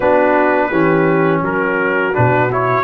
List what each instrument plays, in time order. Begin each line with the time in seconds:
0.00 tuba B3, trombone D4, horn F#4, trumpet B4
0.69 tuba E3, trombone C#4, horn G4
1.41 tuba F#3, horn F#4, trumpet A#4
2.13 tuba B2, trombone D4, trumpet B4
2.51 trombone E4, trumpet C#5